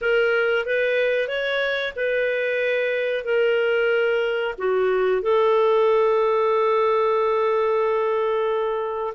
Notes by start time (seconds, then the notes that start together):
0.01 A#4
0.65 B4
1.27 C#5
1.96 B4
3.24 A#4
4.58 F#4
5.22 A4